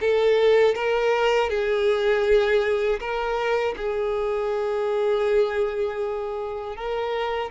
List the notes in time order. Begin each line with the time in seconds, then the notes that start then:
0.00 A4
0.75 A#4
1.49 G#4
3.00 A#4
3.76 G#4
6.76 A#4